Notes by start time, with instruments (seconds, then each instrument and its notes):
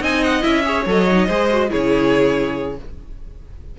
0.00 cello C4, viola D#4, violin D#5 G#5
0.23 violin F#5
0.41 cello C#4, viola E4, violin E5
0.64 viola G#4, violin C#5
0.86 cello F#3, viola A4, violin D#5
1.10 viola D#4
1.27 cello G#3, viola G#4, violin C5
1.51 viola F#4
1.69 cello C#3, viola E4, violin G#4 C#5